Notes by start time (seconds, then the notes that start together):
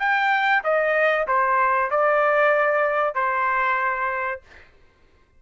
0.00 G5
0.64 D#5
1.28 C5
1.91 D5
3.15 C5